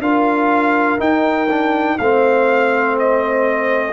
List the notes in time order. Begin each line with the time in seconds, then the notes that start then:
0.00 D4 F4 A#4 F5
0.99 D#4 G5
1.49 D4
1.98 A3 C4 C5 F5
2.99 D#5